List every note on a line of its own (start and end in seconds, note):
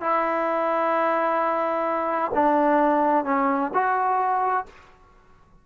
0.00 2.31 E4
2.34 3.24 D4
3.24 3.70 C#4
3.73 4.65 F#4